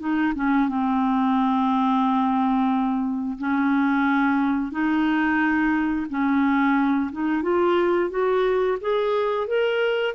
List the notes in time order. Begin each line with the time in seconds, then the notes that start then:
0.00 D#4
0.36 C#4
0.69 C4
3.39 C#4
4.72 D#4
6.10 C#4
7.12 D#4
7.43 F4
8.11 F#4
8.81 G#4
9.47 A#4